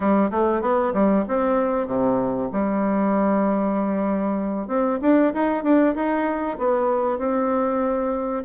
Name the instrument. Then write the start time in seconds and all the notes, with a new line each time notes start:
bassoon
0.00 G3
0.30 A3
0.61 B3
0.93 G3
1.28 C4
1.87 C3
2.52 G3
4.67 C4
5.01 D4
5.34 D#4
5.63 D4
5.95 D#4
6.58 B3
7.18 C4